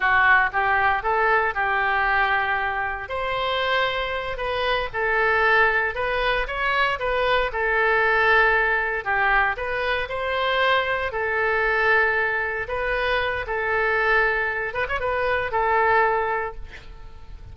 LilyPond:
\new Staff \with { instrumentName = "oboe" } { \time 4/4 \tempo 4 = 116 fis'4 g'4 a'4 g'4~ | g'2 c''2~ | c''8 b'4 a'2 b'8~ | b'8 cis''4 b'4 a'4.~ |
a'4. g'4 b'4 c''8~ | c''4. a'2~ a'8~ | a'8 b'4. a'2~ | a'8 b'16 cis''16 b'4 a'2 | }